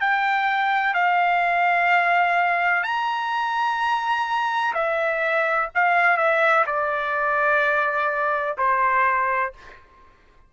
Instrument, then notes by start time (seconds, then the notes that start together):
trumpet
0.00 G5
0.94 F5
2.83 A#5
4.74 E5
5.75 F5
6.17 E5
6.66 D5
8.58 C5